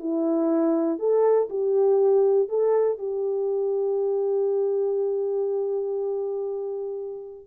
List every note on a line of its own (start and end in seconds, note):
0.00 0.99 E4
0.99 1.49 A4
1.50 2.49 G4
2.49 2.99 A4
2.99 7.47 G4